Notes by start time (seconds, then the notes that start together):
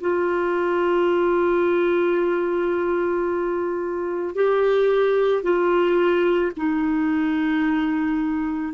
0.00 F4
4.35 G4
5.42 F4
6.57 D#4